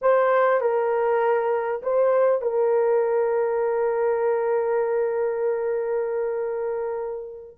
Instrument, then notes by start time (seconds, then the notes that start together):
horn
0.01 C5
0.60 A#4
1.82 C5
2.41 A#4